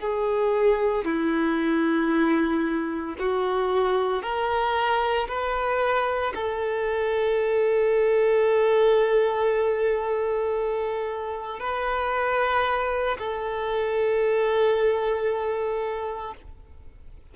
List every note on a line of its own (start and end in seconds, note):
0.00 1.04 G#4
1.04 3.15 E4
3.19 4.22 F#4
4.22 5.27 A#4
5.28 6.33 B4
6.34 11.59 A4
11.59 13.17 B4
13.18 16.34 A4